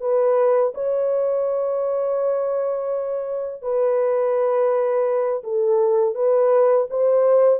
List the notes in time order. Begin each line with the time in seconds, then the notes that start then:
0.00 B4
0.74 C#5
3.62 B4
5.43 A4
6.14 B4
6.90 C5